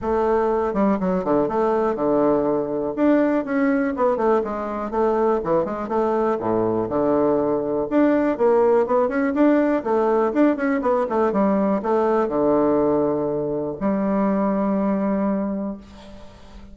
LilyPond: \new Staff \with { instrumentName = "bassoon" } { \time 4/4 \tempo 4 = 122 a4. g8 fis8 d8 a4 | d2 d'4 cis'4 | b8 a8 gis4 a4 e8 gis8 | a4 a,4 d2 |
d'4 ais4 b8 cis'8 d'4 | a4 d'8 cis'8 b8 a8 g4 | a4 d2. | g1 | }